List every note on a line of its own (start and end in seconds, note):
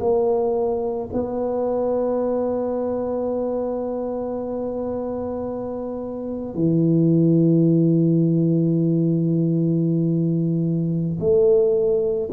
0.00 1.09 A#3
1.14 6.55 B3
6.55 11.19 E3
11.20 12.29 A3